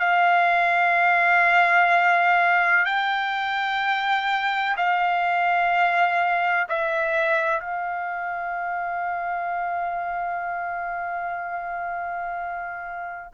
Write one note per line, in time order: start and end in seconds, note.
0.00 2.86 F5
2.86 4.76 G5
4.77 6.68 F5
6.69 7.61 E5
7.61 13.32 F5